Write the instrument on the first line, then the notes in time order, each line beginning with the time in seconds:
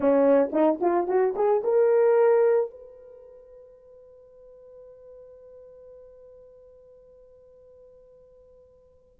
horn
0.00 C#4
0.52 D#4
0.81 F4
1.07 F#4
1.35 G#4
1.63 A#4
2.70 B4